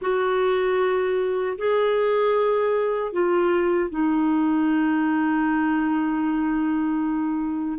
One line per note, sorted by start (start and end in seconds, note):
0.01 1.57 F#4
1.58 3.12 G#4
3.12 3.90 F4
3.90 7.79 D#4